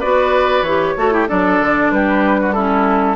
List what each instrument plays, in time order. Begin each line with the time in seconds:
0.00 bassoon B3, clarinet F#4, oboe B4, flute D5
0.63 bassoon E3, clarinet G4, flute C#5
0.97 bassoon A3, clarinet F#4, oboe A4
1.12 clarinet E4, oboe G4
1.28 bassoon F#3, clarinet D4, oboe A4, flute D5
1.61 bassoon D3
1.91 bassoon G3, oboe G4, flute B4
2.41 oboe F#4
2.53 clarinet C#4, oboe E4, flute A4